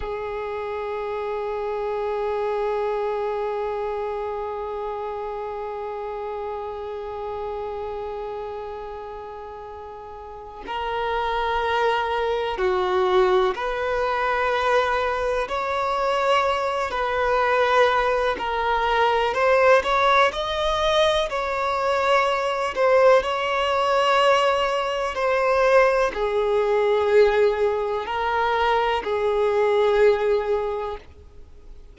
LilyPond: \new Staff \with { instrumentName = "violin" } { \time 4/4 \tempo 4 = 62 gis'1~ | gis'1~ | gis'2. ais'4~ | ais'4 fis'4 b'2 |
cis''4. b'4. ais'4 | c''8 cis''8 dis''4 cis''4. c''8 | cis''2 c''4 gis'4~ | gis'4 ais'4 gis'2 | }